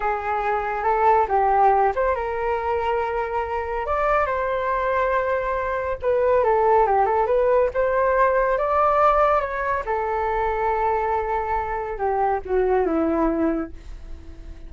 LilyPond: \new Staff \with { instrumentName = "flute" } { \time 4/4 \tempo 4 = 140 gis'2 a'4 g'4~ | g'8 c''8 ais'2.~ | ais'4 d''4 c''2~ | c''2 b'4 a'4 |
g'8 a'8 b'4 c''2 | d''2 cis''4 a'4~ | a'1 | g'4 fis'4 e'2 | }